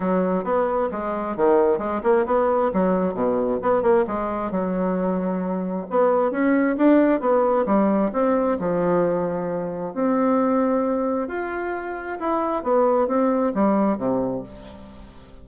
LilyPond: \new Staff \with { instrumentName = "bassoon" } { \time 4/4 \tempo 4 = 133 fis4 b4 gis4 dis4 | gis8 ais8 b4 fis4 b,4 | b8 ais8 gis4 fis2~ | fis4 b4 cis'4 d'4 |
b4 g4 c'4 f4~ | f2 c'2~ | c'4 f'2 e'4 | b4 c'4 g4 c4 | }